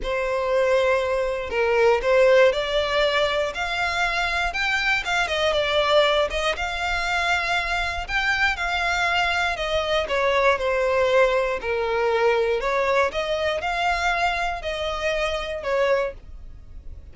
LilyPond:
\new Staff \with { instrumentName = "violin" } { \time 4/4 \tempo 4 = 119 c''2. ais'4 | c''4 d''2 f''4~ | f''4 g''4 f''8 dis''8 d''4~ | d''8 dis''8 f''2. |
g''4 f''2 dis''4 | cis''4 c''2 ais'4~ | ais'4 cis''4 dis''4 f''4~ | f''4 dis''2 cis''4 | }